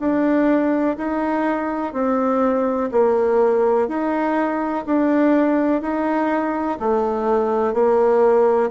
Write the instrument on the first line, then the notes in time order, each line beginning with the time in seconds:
bassoon
0.00 D4
0.98 D#4
1.94 C4
2.92 A#3
3.88 D#4
4.87 D4
5.82 D#4
6.80 A3
7.74 A#3